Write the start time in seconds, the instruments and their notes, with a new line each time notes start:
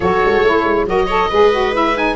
0.00 tuba F#3, saxophone F#4, viola A4, oboe C#5
0.25 tuba G#3
0.42 tuba A3, saxophone E4
0.63 tuba G#3
0.85 tuba F#3, saxophone F#4, viola A#4, oboe D#5
1.06 saxophone A4, viola C#5
1.30 tuba G#3, saxophone G#4, viola B4
1.51 saxophone F#4
1.73 saxophone E4, oboe E5
1.95 saxophone D#4, oboe G#5